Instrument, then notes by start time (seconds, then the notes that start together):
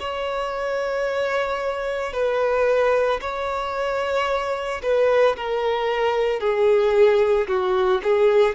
violin
0.00 C#5
2.13 B4
3.21 C#5
4.83 B4
5.37 A#4
6.40 G#4
7.48 F#4
8.04 G#4